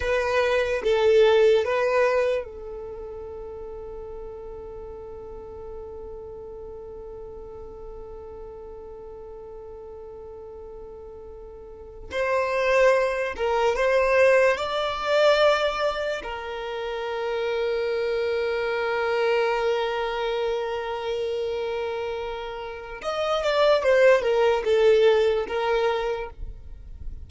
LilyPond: \new Staff \with { instrumentName = "violin" } { \time 4/4 \tempo 4 = 73 b'4 a'4 b'4 a'4~ | a'1~ | a'1~ | a'2~ a'8. c''4~ c''16~ |
c''16 ais'8 c''4 d''2 ais'16~ | ais'1~ | ais'1 | dis''8 d''8 c''8 ais'8 a'4 ais'4 | }